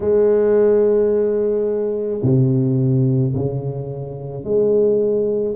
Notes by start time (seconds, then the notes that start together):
0.00 G#3
2.22 C3
3.34 C#3
4.44 G#3